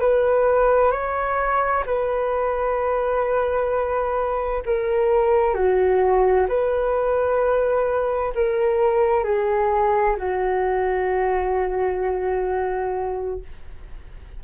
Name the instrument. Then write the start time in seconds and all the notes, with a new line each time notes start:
flute
0.00 B4
0.91 C#5
1.86 B4
4.65 A#4
5.54 F#4
6.48 B4
8.35 A#4
9.24 G#4
10.17 F#4